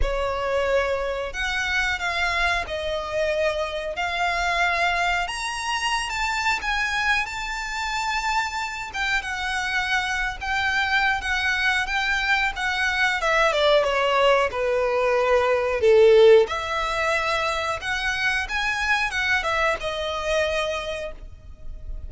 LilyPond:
\new Staff \with { instrumentName = "violin" } { \time 4/4 \tempo 4 = 91 cis''2 fis''4 f''4 | dis''2 f''2 | ais''4~ ais''16 a''8. gis''4 a''4~ | a''4. g''8 fis''4.~ fis''16 g''16~ |
g''4 fis''4 g''4 fis''4 | e''8 d''8 cis''4 b'2 | a'4 e''2 fis''4 | gis''4 fis''8 e''8 dis''2 | }